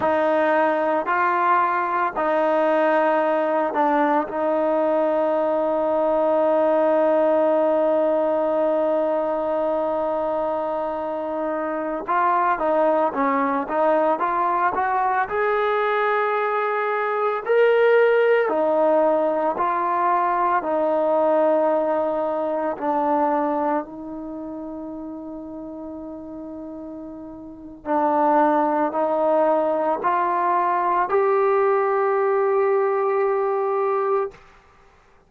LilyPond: \new Staff \with { instrumentName = "trombone" } { \time 4/4 \tempo 4 = 56 dis'4 f'4 dis'4. d'8 | dis'1~ | dis'2.~ dis'16 f'8 dis'16~ | dis'16 cis'8 dis'8 f'8 fis'8 gis'4.~ gis'16~ |
gis'16 ais'4 dis'4 f'4 dis'8.~ | dis'4~ dis'16 d'4 dis'4.~ dis'16~ | dis'2 d'4 dis'4 | f'4 g'2. | }